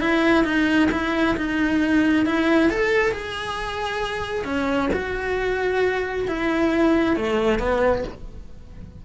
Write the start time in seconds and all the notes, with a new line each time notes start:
0.00 E4
0.44 D#4
0.91 E4
1.37 D#4
2.26 E4
2.70 A4
3.12 G#4
4.45 C#4
4.94 F#4
6.28 E4
7.16 A3
7.59 B3